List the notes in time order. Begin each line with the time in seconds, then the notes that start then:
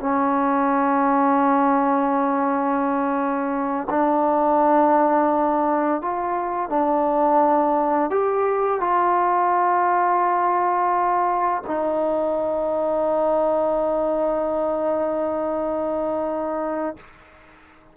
0.00 C#4
3.90 D4
6.02 F4
6.69 D4
8.10 G4
8.80 F4
11.67 D#4